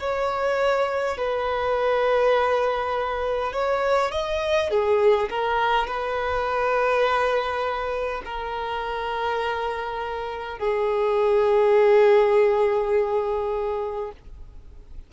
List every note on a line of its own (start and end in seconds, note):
0.00 1.18 C#5
1.18 3.53 B4
3.53 4.12 C#5
4.12 4.71 D#5
4.71 5.29 G#4
5.30 5.87 A#4
5.87 8.22 B4
8.25 10.59 A#4
10.59 14.12 G#4